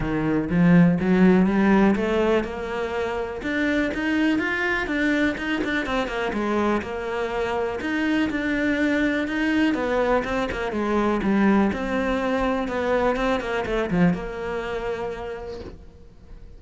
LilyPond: \new Staff \with { instrumentName = "cello" } { \time 4/4 \tempo 4 = 123 dis4 f4 fis4 g4 | a4 ais2 d'4 | dis'4 f'4 d'4 dis'8 d'8 | c'8 ais8 gis4 ais2 |
dis'4 d'2 dis'4 | b4 c'8 ais8 gis4 g4 | c'2 b4 c'8 ais8 | a8 f8 ais2. | }